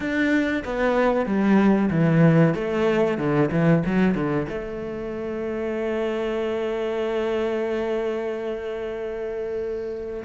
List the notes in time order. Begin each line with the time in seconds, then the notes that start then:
0.00 D4
0.64 B3
1.26 G3
1.90 E3
2.54 A3
3.17 D3
3.51 E3
3.85 F#3
4.14 D3
4.49 A3